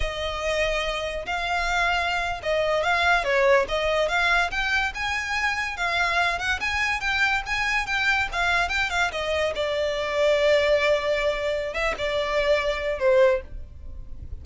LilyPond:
\new Staff \with { instrumentName = "violin" } { \time 4/4 \tempo 4 = 143 dis''2. f''4~ | f''4.~ f''16 dis''4 f''4 cis''16~ | cis''8. dis''4 f''4 g''4 gis''16~ | gis''4.~ gis''16 f''4. fis''8 gis''16~ |
gis''8. g''4 gis''4 g''4 f''16~ | f''8. g''8 f''8 dis''4 d''4~ d''16~ | d''1 | e''8 d''2~ d''8 c''4 | }